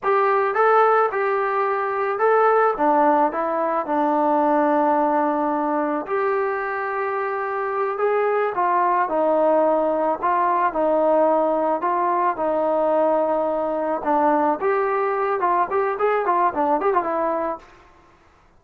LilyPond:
\new Staff \with { instrumentName = "trombone" } { \time 4/4 \tempo 4 = 109 g'4 a'4 g'2 | a'4 d'4 e'4 d'4~ | d'2. g'4~ | g'2~ g'8 gis'4 f'8~ |
f'8 dis'2 f'4 dis'8~ | dis'4. f'4 dis'4.~ | dis'4. d'4 g'4. | f'8 g'8 gis'8 f'8 d'8 g'16 f'16 e'4 | }